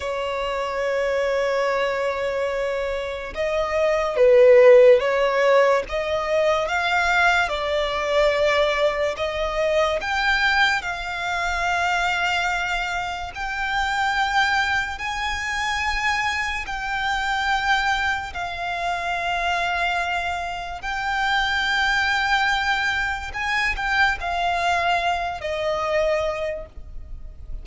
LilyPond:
\new Staff \with { instrumentName = "violin" } { \time 4/4 \tempo 4 = 72 cis''1 | dis''4 b'4 cis''4 dis''4 | f''4 d''2 dis''4 | g''4 f''2. |
g''2 gis''2 | g''2 f''2~ | f''4 g''2. | gis''8 g''8 f''4. dis''4. | }